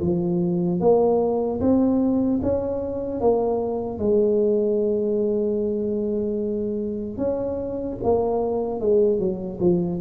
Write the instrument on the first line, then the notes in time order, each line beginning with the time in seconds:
tuba
0.00 F3
0.80 A#3
1.61 C4
2.43 C#4
3.20 A#3
3.98 G#3
7.17 C#4
8.03 A#3
8.80 G#3
9.19 F#3
9.60 F3